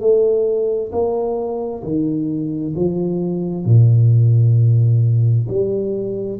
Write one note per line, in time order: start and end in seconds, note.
0.00 0.91 A3
0.92 1.83 A#3
1.83 2.74 D#3
2.76 3.65 F3
3.65 5.47 A#2
5.48 6.39 G3